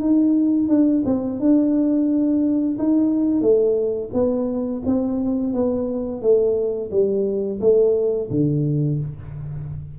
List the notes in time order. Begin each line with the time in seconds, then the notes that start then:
0.00 D#4
0.69 D4
1.06 C4
1.40 D4
2.79 D#4
3.42 A3
4.14 B3
4.86 C4
5.54 B3
6.22 A3
6.91 G3
7.61 A3
8.31 D3